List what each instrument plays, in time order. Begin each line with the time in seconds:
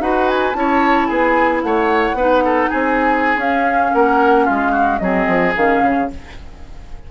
0.00 bassoon D#4, clarinet F#4, oboe B4, flute F#5
0.28 flute G#5
0.54 bassoon C#4, clarinet E4, oboe C#5, flute A5
1.07 bassoon B3, oboe G#4, flute G#5
1.63 bassoon A3, oboe C#5, flute F#5
2.13 bassoon B3, clarinet D#4, oboe B4
2.45 oboe A4
2.70 bassoon C4, oboe G#4, flute G#5
3.37 bassoon C#4, clarinet C#4, flute F5
3.94 bassoon A#3, oboe A#4, flute F#5
4.45 bassoon G#3, oboe F4, flute F5
4.72 oboe F#4
4.99 bassoon F#3, clarinet C4, oboe G#4, flute D#5
5.28 bassoon F3
5.56 bassoon D#3, clarinet C#4, flute F5
5.82 bassoon C#3